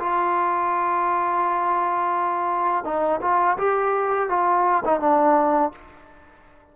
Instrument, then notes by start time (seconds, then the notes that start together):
trombone
0.00 F4
2.85 D#4
3.21 F4
3.58 G4
4.29 F4
4.85 D#4
5.00 D4